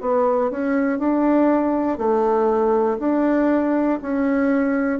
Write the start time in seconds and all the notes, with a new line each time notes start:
0.00 B3
0.50 C#4
0.98 D4
1.98 A3
2.99 D4
4.01 C#4